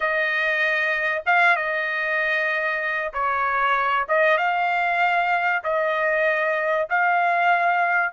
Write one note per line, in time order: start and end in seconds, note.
0.00 1.22 D#5
1.26 1.56 F5
1.56 3.12 D#5
3.12 4.06 C#5
4.08 4.38 D#5
4.38 5.62 F5
5.63 6.88 D#5
6.89 8.13 F5